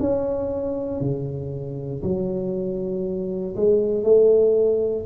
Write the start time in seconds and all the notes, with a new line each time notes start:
0.00 C#4
1.01 C#3
2.03 F#3
3.56 G#3
4.04 A3